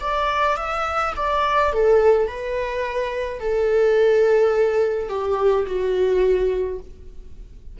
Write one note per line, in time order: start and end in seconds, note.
0.00 0.56 D5
0.56 1.13 E5
1.16 1.72 D5
1.72 2.27 A4
2.27 3.40 B4
3.40 5.09 A4
5.09 5.66 G4
5.66 6.79 F#4